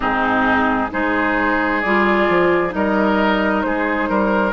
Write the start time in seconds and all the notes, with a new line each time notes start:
0.00 G#2 C4 D#4 G#4
0.91 G#3 D#4 G#4 C5
1.81 G3 F4 D5
2.28 F3
2.69 G3 D#4 A#4
2.75 D#5
3.61 G#3 G#4 C5
4.09 G3 A#4